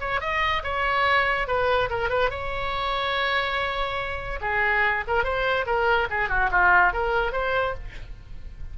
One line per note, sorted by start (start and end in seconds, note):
0.00 0.20 C#5
0.20 0.62 D#5
0.63 1.47 C#5
1.47 1.89 B4
1.89 2.09 A#4
2.09 2.30 B4
2.30 4.40 C#5
4.41 5.04 G#4
5.07 5.23 A#4
5.23 5.65 C5
5.66 6.08 A#4
6.10 6.29 G#4
6.29 6.50 F#4
6.51 6.92 F4
6.92 7.32 A#4
7.32 7.74 C5